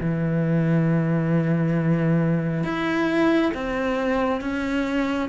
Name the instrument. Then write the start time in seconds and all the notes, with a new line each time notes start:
cello
0.00 E3
2.63 E4
3.54 C4
4.40 C#4